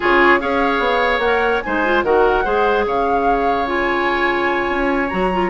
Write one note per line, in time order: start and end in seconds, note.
0.00 0.42 C#3
0.00 0.40 F4
0.00 0.39 G#4
0.00 0.40 C#5
0.40 0.79 C#4
0.40 1.21 G#4
0.40 1.63 C#5
0.40 1.19 F5
0.79 1.18 B3
1.18 1.59 A#3
1.18 1.64 A#4
1.18 1.60 F#5
1.62 2.03 G#3
1.62 1.85 D#4
1.62 2.04 C5
1.62 2.02 G#5
1.85 2.04 F4
2.03 2.44 D#3
2.03 2.44 F#4
2.03 2.44 A#4
2.03 2.85 F#5
2.44 2.86 G#3
2.44 3.66 G#4
2.44 2.85 C5
2.86 4.69 C#3
2.86 5.50 C#5
2.86 3.67 F5
3.66 5.09 F4
3.66 5.09 G#5
4.69 5.10 C#4
5.09 5.50 F#3
5.09 5.30 F#4
5.09 5.49 A#5
5.32 5.50 F4